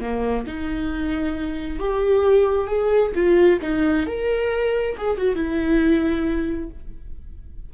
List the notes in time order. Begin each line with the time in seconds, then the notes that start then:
0.00 A#3
0.46 D#4
1.79 G4
2.67 G#4
3.15 F4
3.61 D#4
4.06 A#4
4.97 G#4
5.17 F#4
5.35 E4